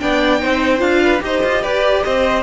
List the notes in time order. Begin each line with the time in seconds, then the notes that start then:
0.00 B3 D4 D5 G5
0.40 C4 D#4 C5
0.78 D4 F4 F5
1.03 B4
1.20 D#4 G4 C5 D#5
1.44 F4
1.62 G4 B4 D5
2.04 C4 C5 D#5